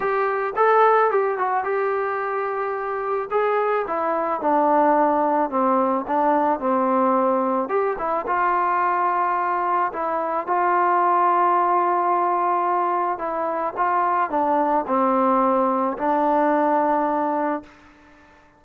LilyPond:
\new Staff \with { instrumentName = "trombone" } { \time 4/4 \tempo 4 = 109 g'4 a'4 g'8 fis'8 g'4~ | g'2 gis'4 e'4 | d'2 c'4 d'4 | c'2 g'8 e'8 f'4~ |
f'2 e'4 f'4~ | f'1 | e'4 f'4 d'4 c'4~ | c'4 d'2. | }